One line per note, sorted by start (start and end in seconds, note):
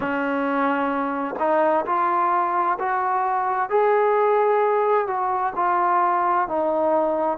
0.00 1.35 C#4
1.39 1.85 D#4
1.85 2.77 F4
2.79 3.69 F#4
3.69 5.07 G#4
5.07 5.53 F#4
5.56 6.47 F4
6.47 7.38 D#4